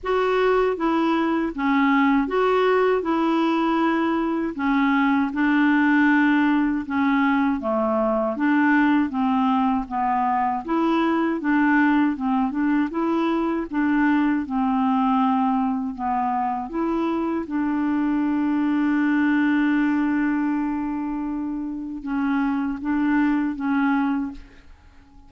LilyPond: \new Staff \with { instrumentName = "clarinet" } { \time 4/4 \tempo 4 = 79 fis'4 e'4 cis'4 fis'4 | e'2 cis'4 d'4~ | d'4 cis'4 a4 d'4 | c'4 b4 e'4 d'4 |
c'8 d'8 e'4 d'4 c'4~ | c'4 b4 e'4 d'4~ | d'1~ | d'4 cis'4 d'4 cis'4 | }